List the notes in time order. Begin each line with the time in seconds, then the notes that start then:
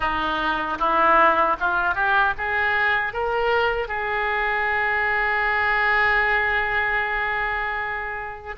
0.00 D#4
0.78 E4
1.60 F4
1.94 G4
2.37 G#4
3.13 A#4
3.87 G#4